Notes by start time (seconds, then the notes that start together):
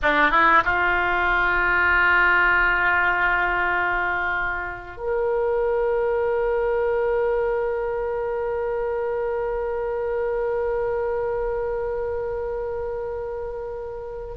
0.02 D4
0.31 E4
0.64 F4
4.97 A#4